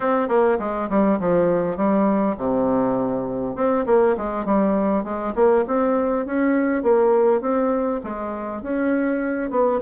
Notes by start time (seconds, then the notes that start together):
0.00 C4
0.28 A#3
0.59 G#3
0.89 G3
1.19 F3
1.76 G3
2.37 C3
3.55 C4
3.86 A#3
4.17 G#3
4.45 G3
5.03 G#3
5.35 A#3
5.67 C4
6.25 C#4
6.82 A#3
7.41 C4
8.03 G#3
8.62 C#4
9.50 B3